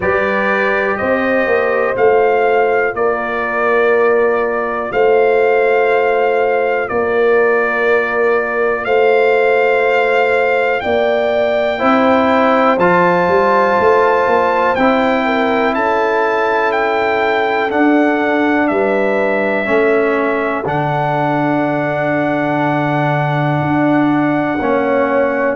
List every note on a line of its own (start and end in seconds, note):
0.00 0.97 G3
0.00 1.96 G4
0.00 0.97 B4
0.00 0.96 D5
0.96 1.46 C4
0.96 2.95 C5
0.96 1.95 D#5
1.46 1.95 A#3
1.96 2.93 A3
1.96 11.78 F4
1.96 2.95 F5
2.93 4.90 A#3
2.93 4.92 A#4
2.93 4.92 D5
4.92 6.89 A3
4.92 6.89 C5
4.92 6.88 F5
6.88 8.85 A#3
6.88 8.85 A#4
6.88 8.84 D5
8.84 10.81 A3
8.84 10.82 C5
8.84 10.80 F5
10.80 11.82 A#3
10.80 11.79 D5
10.80 12.77 G5
11.78 12.77 C4
11.78 12.77 E4
11.78 15.23 C5
12.77 13.26 F3
12.77 14.76 F4
12.77 14.75 A5
13.27 13.77 G3
13.79 14.26 A3
14.26 14.76 A#3
14.75 15.75 C4
14.75 17.70 E4
14.75 15.73 G5
15.25 15.74 A#4
15.74 17.72 C#4
15.74 18.70 A4
15.74 16.72 A5
16.72 17.70 G5
17.70 19.65 D4
17.70 18.69 D4
17.70 18.67 F#5
18.67 19.67 G3
18.67 19.69 B4
18.67 20.64 E5
19.65 20.65 A3
19.65 20.63 C#4
19.65 24.58 A4
20.65 23.60 D3
20.65 24.58 D4
20.65 25.56 F#5
23.60 24.59 D4
24.58 25.56 A#3
24.58 25.56 C#4
24.58 25.56 C#5